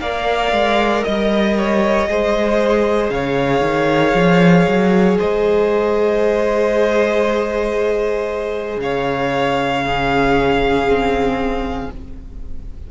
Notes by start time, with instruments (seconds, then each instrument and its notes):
0.00 cello A#3, viola A#4, violin D5 F5
0.51 cello G#3
1.03 cello G3, violin D#5
1.57 violin C#5
2.08 cello G#3, viola G#4, violin C5
3.09 cello C#3, violin C#5 F5
3.61 cello D#3
4.14 cello F3
4.67 cello F#3
5.18 cello G#3, violin C5 D#5
8.76 cello C#3, violin F5
8.83 violin C#5
9.84 viola C#4, violin G#4
10.87 viola C4